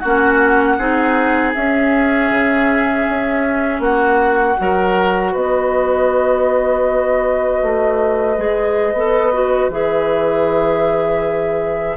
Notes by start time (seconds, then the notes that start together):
0.00 A#3 C#4 F#4 F#5
0.79 C4 D#4 G#4
1.55 C#4 E5
2.30 C#3
3.09 C#4
3.80 A#3 F#4 F#5
4.57 F#3 F#4 A#4
5.32 B3 B4 D#5
7.63 A3
8.37 G#3 G#4
8.94 B3 A4
9.33 F#4
9.70 E3 G#4 E5